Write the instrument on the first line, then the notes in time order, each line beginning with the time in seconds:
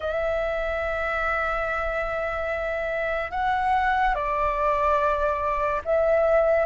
flute
0.00 E5
3.31 F#5
4.14 D5
5.84 E5